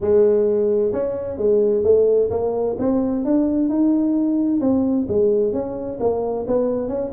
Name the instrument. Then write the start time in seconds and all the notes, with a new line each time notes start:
tuba
0.00 G#3
0.92 C#4
1.37 G#3
1.83 A3
2.30 A#3
2.78 C4
3.24 D4
3.69 D#4
4.60 C4
5.08 G#3
5.52 C#4
6.00 A#3
6.47 B3
6.88 C#4